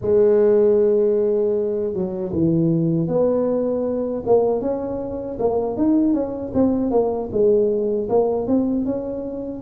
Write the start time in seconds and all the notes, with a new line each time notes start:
0.01 G#3
1.93 F#3
2.32 E3
3.07 B3
4.26 A#3
4.61 C#4
5.39 A#3
5.77 D#4
6.13 C#4
6.53 C4
6.91 A#3
7.31 G#3
8.09 A#3
8.47 C4
8.85 C#4